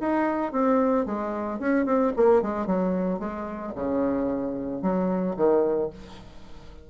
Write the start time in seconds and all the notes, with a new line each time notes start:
0.00 D#4
0.52 C4
1.05 G#3
1.59 C#4
1.86 C4
2.16 A#3
2.42 G#3
2.66 F#3
3.19 G#3
3.75 C#3
4.82 F#3
5.36 D#3